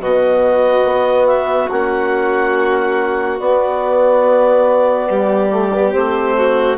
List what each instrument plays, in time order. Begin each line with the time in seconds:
0.00 bassoon B2, trombone B3, violin F#4, clarinet D#5
0.85 bassoon B3
1.27 clarinet E5
1.71 bassoon A#3, trombone C#4, clarinet F#5
3.39 bassoon B3, trombone B3, clarinet D5
5.10 bassoon G3, violin G4
5.50 trombone A3
5.73 trombone B3
5.92 bassoon A3, trombone C4, clarinet C5
6.37 violin F#4